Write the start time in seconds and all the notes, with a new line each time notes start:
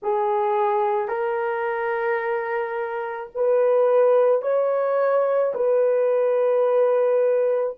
0.02 G#4
1.08 A#4
3.34 B4
4.41 C#5
5.54 B4